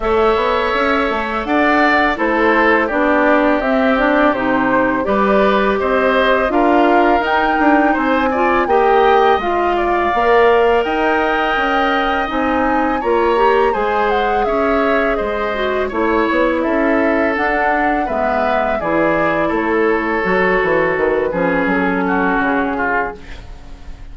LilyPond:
<<
  \new Staff \with { instrumentName = "flute" } { \time 4/4 \tempo 4 = 83 e''2 fis''4 c''4 | d''4 e''8 d''8 c''4 d''4 | dis''4 f''4 g''4 gis''4 | g''4 f''2 g''4~ |
g''4 gis''4 ais''4 gis''8 fis''8 | e''4 dis''4 cis''4 e''4 | fis''4 e''4 d''4 cis''4~ | cis''4 b'4 a'4 gis'4 | }
  \new Staff \with { instrumentName = "oboe" } { \time 4/4 cis''2 d''4 a'4 | g'2. b'4 | c''4 ais'2 c''8 d''8 | dis''4. d''4. dis''4~ |
dis''2 cis''4 c''4 | cis''4 c''4 cis''4 a'4~ | a'4 b'4 gis'4 a'4~ | a'4. gis'4 fis'4 f'8 | }
  \new Staff \with { instrumentName = "clarinet" } { \time 4/4 a'2. e'4 | d'4 c'8 d'8 dis'4 g'4~ | g'4 f'4 dis'4. f'8 | g'4 f'4 ais'2~ |
ais'4 dis'4 f'8 g'8 gis'4~ | gis'4. fis'8 e'2 | d'4 b4 e'2 | fis'4. cis'2~ cis'8 | }
  \new Staff \with { instrumentName = "bassoon" } { \time 4/4 a8 b8 cis'8 a8 d'4 a4 | b4 c'4 c4 g4 | c'4 d'4 dis'8 d'8 c'4 | ais4 gis4 ais4 dis'4 |
cis'4 c'4 ais4 gis4 | cis'4 gis4 a8 b8 cis'4 | d'4 gis4 e4 a4 | fis8 e8 dis8 f8 fis4 cis4 | }
>>